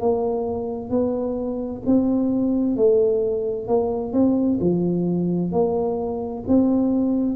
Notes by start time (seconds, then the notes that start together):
0.00 A#3
0.90 B3
1.86 C4
2.77 A3
3.68 A#3
4.12 C4
4.60 F3
5.52 A#3
6.47 C4